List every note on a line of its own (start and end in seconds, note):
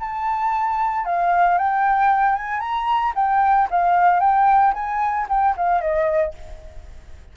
0.00 1.06 A5
1.06 1.58 F5
1.58 2.36 G5
2.36 2.60 G#5
2.60 3.14 A#5
3.16 3.69 G5
3.71 4.21 F5
4.21 4.74 G5
4.74 5.27 G#5
5.29 5.56 G5
5.57 5.81 F5
5.81 6.34 D#5